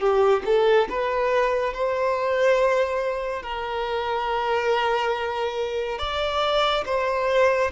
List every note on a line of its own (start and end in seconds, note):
0.00 0.43 G4
0.46 0.89 A4
0.90 1.74 B4
1.74 3.43 C5
3.43 5.99 A#4
5.99 6.85 D5
6.86 7.71 C5